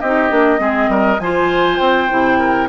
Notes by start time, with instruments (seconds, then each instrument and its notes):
0.00 bassoon C4, clarinet D#4, oboe G4, flute D#5
0.29 bassoon A#3, clarinet D4
0.58 bassoon G#3, clarinet C4, oboe G#4
0.88 bassoon G3, oboe A#4
1.19 bassoon F3, clarinet F4, oboe C5, flute G#5
1.78 bassoon C4, flute G5
2.08 bassoon C3, clarinet E4
2.39 oboe A#4